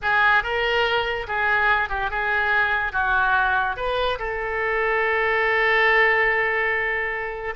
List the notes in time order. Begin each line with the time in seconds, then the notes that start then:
0.02 G#4
0.43 A#4
1.27 G#4
1.89 G4
2.10 G#4
2.92 F#4
3.76 B4
4.18 A4